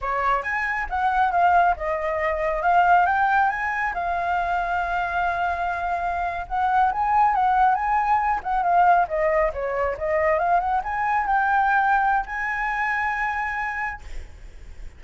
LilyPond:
\new Staff \with { instrumentName = "flute" } { \time 4/4 \tempo 4 = 137 cis''4 gis''4 fis''4 f''4 | dis''2 f''4 g''4 | gis''4 f''2.~ | f''2~ f''8. fis''4 gis''16~ |
gis''8. fis''4 gis''4. fis''8 f''16~ | f''8. dis''4 cis''4 dis''4 f''16~ | f''16 fis''8 gis''4 g''2~ g''16 | gis''1 | }